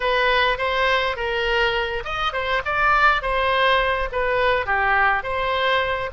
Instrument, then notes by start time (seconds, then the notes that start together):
oboe
0.00 B4
0.58 C5
1.16 A#4
2.04 D#5
2.32 C5
2.65 D5
3.21 C5
4.12 B4
4.66 G4
5.23 C5